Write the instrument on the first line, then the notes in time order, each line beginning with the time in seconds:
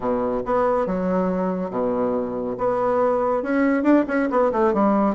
bassoon
0.00 B2
0.45 B3
0.86 F#3
1.70 B2
2.58 B3
3.42 C#4
3.83 D4
4.07 C#4
4.30 B3
4.52 A3
4.73 G3